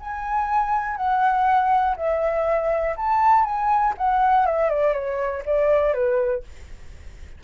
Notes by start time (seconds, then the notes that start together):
0.00 G#5
0.96 F#5
1.96 E5
2.96 A5
3.44 G#5
3.98 F#5
4.46 E5
4.69 D5
4.93 C#5
5.45 D5
5.94 B4